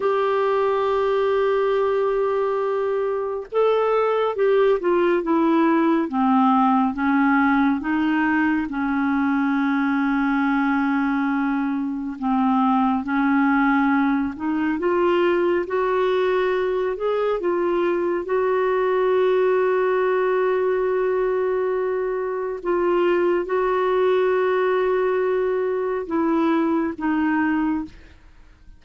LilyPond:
\new Staff \with { instrumentName = "clarinet" } { \time 4/4 \tempo 4 = 69 g'1 | a'4 g'8 f'8 e'4 c'4 | cis'4 dis'4 cis'2~ | cis'2 c'4 cis'4~ |
cis'8 dis'8 f'4 fis'4. gis'8 | f'4 fis'2.~ | fis'2 f'4 fis'4~ | fis'2 e'4 dis'4 | }